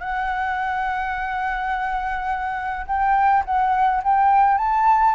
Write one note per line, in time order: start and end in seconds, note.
0.00 2.86 F#5
2.86 3.43 G5
3.45 4.02 F#5
4.03 4.58 G5
4.58 5.15 A5